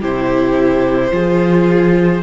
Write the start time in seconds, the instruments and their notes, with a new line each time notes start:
0.00 cello C3, viola E4, violin G4 C5
1.11 cello F3, viola F4, violin G#4